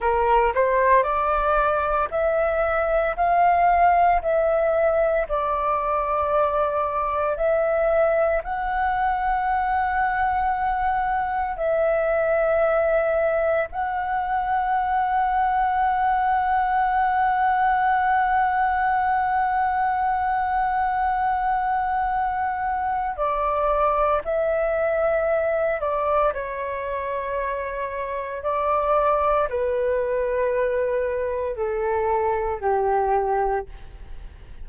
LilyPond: \new Staff \with { instrumentName = "flute" } { \time 4/4 \tempo 4 = 57 ais'8 c''8 d''4 e''4 f''4 | e''4 d''2 e''4 | fis''2. e''4~ | e''4 fis''2.~ |
fis''1~ | fis''2 d''4 e''4~ | e''8 d''8 cis''2 d''4 | b'2 a'4 g'4 | }